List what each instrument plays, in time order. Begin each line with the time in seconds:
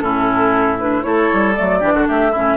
0.00 bassoon A2, clarinet C#4, oboe E4, flute A4
0.80 clarinet D4, flute B4
1.02 bassoon A3, clarinet E4, oboe A4, flute C#5
1.32 bassoon G3
1.54 clarinet A3, flute D5
1.60 bassoon F#3
1.79 bassoon E3, clarinet D4, oboe G4
1.93 bassoon D3, oboe F#4
2.08 bassoon A3, oboe G4, flute E5
2.31 bassoon A2, clarinet C#4, oboe E4